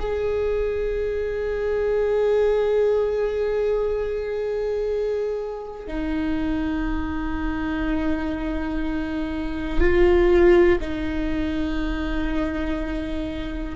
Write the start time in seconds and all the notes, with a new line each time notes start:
0.00 G#4
5.87 D#4
9.80 F4
10.81 D#4